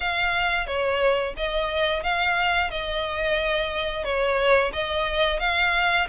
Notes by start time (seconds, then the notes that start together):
0.00 F5
0.66 C#5
1.37 D#5
2.03 F5
2.70 D#5
4.04 C#5
4.73 D#5
5.39 F5